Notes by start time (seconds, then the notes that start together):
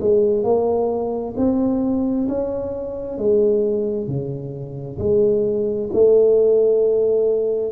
0.00 G#3
0.43 A#3
1.36 C4
2.28 C#4
3.17 G#3
4.07 C#3
4.98 G#3
5.93 A3